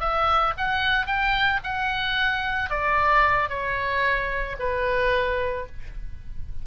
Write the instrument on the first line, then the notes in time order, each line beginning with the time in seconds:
oboe
0.00 E5
0.57 F#5
1.06 G5
1.64 F#5
2.70 D5
3.49 C#5
4.59 B4